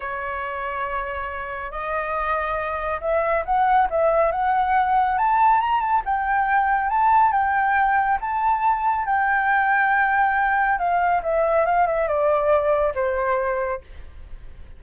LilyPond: \new Staff \with { instrumentName = "flute" } { \time 4/4 \tempo 4 = 139 cis''1 | dis''2. e''4 | fis''4 e''4 fis''2 | a''4 ais''8 a''8 g''2 |
a''4 g''2 a''4~ | a''4 g''2.~ | g''4 f''4 e''4 f''8 e''8 | d''2 c''2 | }